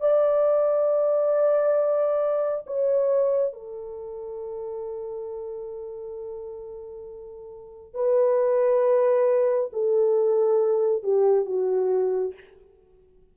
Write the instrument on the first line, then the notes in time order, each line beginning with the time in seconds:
horn
0.00 D5
2.66 C#5
3.53 A4
7.94 B4
9.72 A4
11.03 G4
11.45 F#4